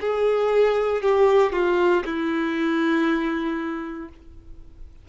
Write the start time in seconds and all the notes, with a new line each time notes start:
0.00 G#4
1.02 G4
1.52 F4
2.05 E4